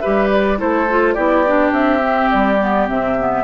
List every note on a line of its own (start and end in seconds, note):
0.00 0.58 G4
0.00 0.59 B4
0.00 0.29 E5
0.07 0.61 G3
0.31 0.60 D5
0.58 1.17 A3
0.58 0.87 E4
0.58 1.15 A4
0.58 1.14 C5
0.90 1.17 F4
1.14 1.72 B3
1.14 1.45 E4
1.14 3.44 G4
1.14 1.71 D5
1.47 2.00 D4
1.72 2.29 C4
1.72 2.31 E5
2.00 2.57 C4
2.31 2.89 G3
2.31 2.88 D5
2.61 2.88 B3
2.88 3.45 C3
2.88 3.17 C4
2.88 3.45 E5
3.19 3.45 B3